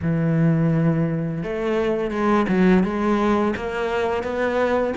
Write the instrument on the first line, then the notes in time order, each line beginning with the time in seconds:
cello
0.02 E3
1.43 A3
2.10 G#3
2.48 F#3
2.83 G#3
3.56 A#3
4.23 B3